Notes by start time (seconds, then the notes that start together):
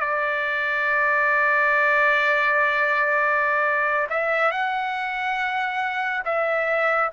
0.00 D5
4.09 E5
4.52 F#5
6.25 E5